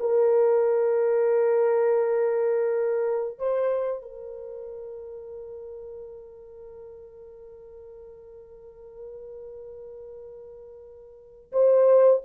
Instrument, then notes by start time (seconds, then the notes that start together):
horn
0.00 A#4
3.39 C5
4.02 A#4
11.52 C5